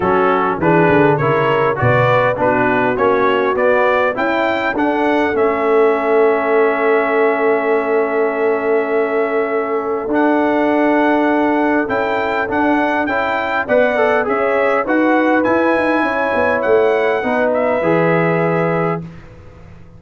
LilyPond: <<
  \new Staff \with { instrumentName = "trumpet" } { \time 4/4 \tempo 4 = 101 a'4 b'4 cis''4 d''4 | b'4 cis''4 d''4 g''4 | fis''4 e''2.~ | e''1~ |
e''4 fis''2. | g''4 fis''4 g''4 fis''4 | e''4 fis''4 gis''2 | fis''4. e''2~ e''8 | }
  \new Staff \with { instrumentName = "horn" } { \time 4/4 fis'4 gis'4 ais'4 b'4 | fis'2. e'4 | a'1~ | a'1~ |
a'1~ | a'2. d''4 | cis''4 b'2 cis''4~ | cis''4 b'2. | }
  \new Staff \with { instrumentName = "trombone" } { \time 4/4 cis'4 d'4 e'4 fis'4 | d'4 cis'4 b4 e'4 | d'4 cis'2.~ | cis'1~ |
cis'4 d'2. | e'4 d'4 e'4 b'8 a'8 | gis'4 fis'4 e'2~ | e'4 dis'4 gis'2 | }
  \new Staff \with { instrumentName = "tuba" } { \time 4/4 fis4 e8 d8 cis4 b,4 | b4 ais4 b4 cis'4 | d'4 a2.~ | a1~ |
a4 d'2. | cis'4 d'4 cis'4 b4 | cis'4 dis'4 e'8 dis'8 cis'8 b8 | a4 b4 e2 | }
>>